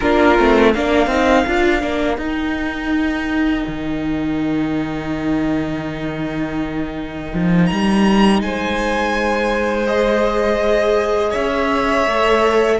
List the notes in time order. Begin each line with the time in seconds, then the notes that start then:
0.00 A#3 D4 F4 A#4
0.38 A3 C4
0.73 A#3 D4 A#4 F5
1.07 C4 D#4
1.46 D4 F4
1.80 A#3 D4
2.17 D#4 G5
3.66 D#3
7.34 F3
7.66 G3 A#5
8.41 G#3 C5 G#5
9.87 G#4 D#5
11.30 C#4 C#5 E5
12.06 A3 A4